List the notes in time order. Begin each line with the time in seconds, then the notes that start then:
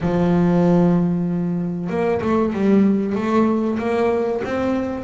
0.00 F3
1.89 A#3
2.21 A3
2.53 G3
3.15 A3
3.78 A#3
4.44 C4